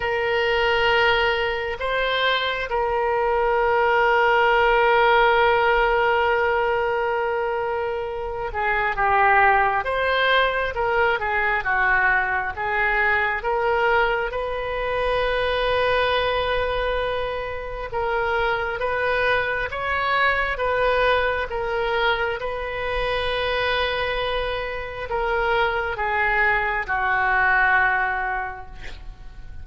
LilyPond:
\new Staff \with { instrumentName = "oboe" } { \time 4/4 \tempo 4 = 67 ais'2 c''4 ais'4~ | ais'1~ | ais'4. gis'8 g'4 c''4 | ais'8 gis'8 fis'4 gis'4 ais'4 |
b'1 | ais'4 b'4 cis''4 b'4 | ais'4 b'2. | ais'4 gis'4 fis'2 | }